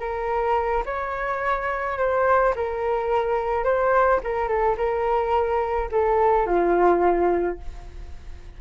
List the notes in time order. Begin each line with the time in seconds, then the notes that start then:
0.00 A#4
0.86 C#5
1.98 C5
2.56 A#4
3.64 C5
4.24 A#4
4.49 A4
4.78 A#4
5.92 A4
6.47 F4